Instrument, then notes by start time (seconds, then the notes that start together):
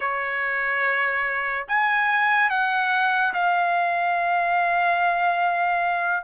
trumpet
0.00 C#5
1.67 G#5
2.50 F#5
3.33 F5